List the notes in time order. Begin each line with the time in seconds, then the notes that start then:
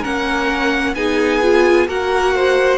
0.00 A#3 C#4 A#4 F#5
0.95 B3 D#4 G#4 G#5
1.42 F4
1.87 A#3 F#4 A#4 F#5
2.35 C5